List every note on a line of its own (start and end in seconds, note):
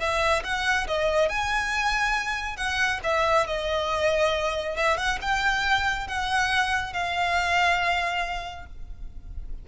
0.00 0.43 E5
0.44 0.88 F#5
0.88 1.29 D#5
1.29 2.57 G#5
2.57 3.00 F#5
3.04 3.47 E5
3.47 4.77 D#5
4.77 4.98 E5
4.98 5.19 F#5
5.22 6.08 G5
6.08 6.93 F#5
6.93 8.66 F5